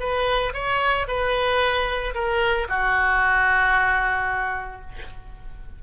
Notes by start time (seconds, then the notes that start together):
0.00 B4
0.54 C#5
1.08 B4
2.15 A#4
2.69 F#4